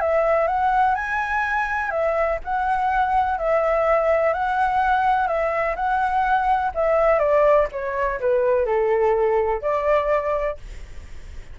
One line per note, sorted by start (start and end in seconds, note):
0.00 0.47 E5
0.47 0.95 F#5
0.95 1.90 G#5
1.90 2.38 E5
2.44 3.38 F#5
3.38 4.33 E5
4.33 5.27 F#5
5.27 5.75 E5
5.76 6.72 F#5
6.74 7.19 E5
7.19 7.67 D5
7.72 8.20 C#5
8.20 8.66 B4
8.66 9.61 A4
9.61 10.57 D5